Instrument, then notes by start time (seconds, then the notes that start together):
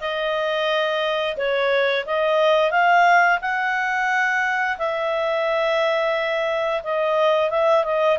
clarinet
0.00 D#5
1.37 C#5
2.05 D#5
2.71 F5
3.41 F#5
4.78 E5
6.83 D#5
7.50 E5
7.84 D#5